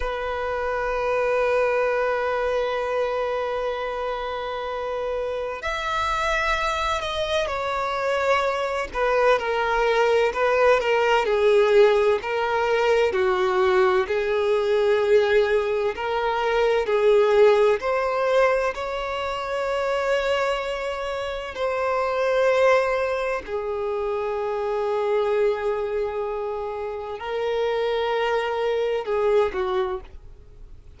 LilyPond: \new Staff \with { instrumentName = "violin" } { \time 4/4 \tempo 4 = 64 b'1~ | b'2 e''4. dis''8 | cis''4. b'8 ais'4 b'8 ais'8 | gis'4 ais'4 fis'4 gis'4~ |
gis'4 ais'4 gis'4 c''4 | cis''2. c''4~ | c''4 gis'2.~ | gis'4 ais'2 gis'8 fis'8 | }